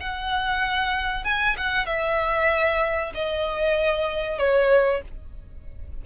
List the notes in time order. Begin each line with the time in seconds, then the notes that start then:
0.00 F#5
1.24 G#5
1.57 F#5
1.86 E5
3.14 D#5
4.38 C#5